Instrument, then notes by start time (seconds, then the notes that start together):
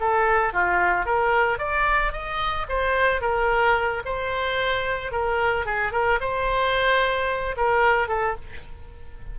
oboe
0.00 A4
0.53 F4
1.06 A#4
1.58 D5
2.12 D#5
2.69 C5
3.21 A#4
4.05 C5
5.12 A#4
5.66 G#4
5.92 A#4
6.21 C5
7.57 A#4
8.08 A4